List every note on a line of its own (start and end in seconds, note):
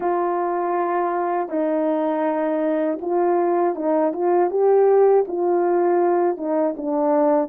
0.00 1.48 F4
1.48 2.98 D#4
3.01 3.75 F4
3.75 4.12 D#4
4.12 4.50 F4
4.50 5.25 G4
5.27 6.37 F4
6.37 6.74 D#4
6.76 7.49 D4